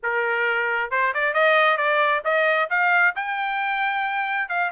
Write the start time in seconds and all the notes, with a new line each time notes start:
0.02 A#4
0.91 C5
1.14 D5
1.33 D#5
1.77 D5
2.24 D#5
2.70 F5
3.15 G5
4.49 F5